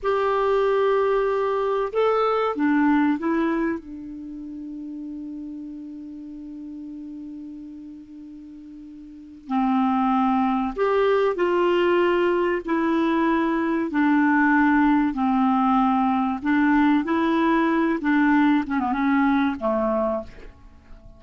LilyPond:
\new Staff \with { instrumentName = "clarinet" } { \time 4/4 \tempo 4 = 95 g'2. a'4 | d'4 e'4 d'2~ | d'1~ | d'2. c'4~ |
c'4 g'4 f'2 | e'2 d'2 | c'2 d'4 e'4~ | e'8 d'4 cis'16 b16 cis'4 a4 | }